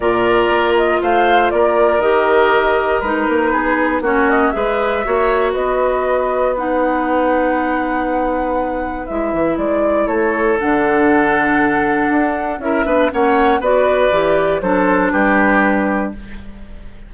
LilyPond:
<<
  \new Staff \with { instrumentName = "flute" } { \time 4/4 \tempo 4 = 119 d''4. dis''8 f''4 d''4 | dis''2 b'2 | cis''8 dis''8 e''2 dis''4~ | dis''4 fis''2.~ |
fis''2 e''4 d''4 | cis''4 fis''2.~ | fis''4 e''4 fis''4 d''4~ | d''4 c''4 b'2 | }
  \new Staff \with { instrumentName = "oboe" } { \time 4/4 ais'2 c''4 ais'4~ | ais'2. gis'4 | fis'4 b'4 cis''4 b'4~ | b'1~ |
b'1 | a'1~ | a'4 ais'8 b'8 cis''4 b'4~ | b'4 a'4 g'2 | }
  \new Staff \with { instrumentName = "clarinet" } { \time 4/4 f'1 | g'2 dis'2 | cis'4 gis'4 fis'2~ | fis'4 dis'2.~ |
dis'2 e'2~ | e'4 d'2.~ | d'4 e'8 d'8 cis'4 fis'4 | g'4 d'2. | }
  \new Staff \with { instrumentName = "bassoon" } { \time 4/4 ais,4 ais4 a4 ais4 | dis2 gis8 ais8 b4 | ais4 gis4 ais4 b4~ | b1~ |
b2 gis8 e8 gis4 | a4 d2. | d'4 cis'8 b8 ais4 b4 | e4 fis4 g2 | }
>>